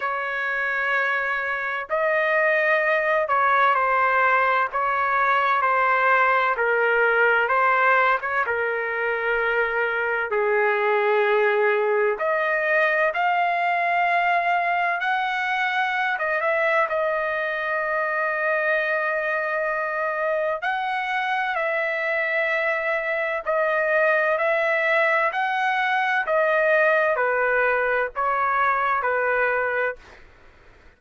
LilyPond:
\new Staff \with { instrumentName = "trumpet" } { \time 4/4 \tempo 4 = 64 cis''2 dis''4. cis''8 | c''4 cis''4 c''4 ais'4 | c''8. cis''16 ais'2 gis'4~ | gis'4 dis''4 f''2 |
fis''4~ fis''16 dis''16 e''8 dis''2~ | dis''2 fis''4 e''4~ | e''4 dis''4 e''4 fis''4 | dis''4 b'4 cis''4 b'4 | }